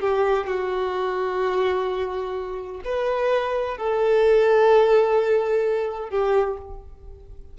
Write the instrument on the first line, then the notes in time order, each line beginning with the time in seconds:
violin
0.00 G4
0.46 F#4
2.85 B4
3.77 A4
6.10 G4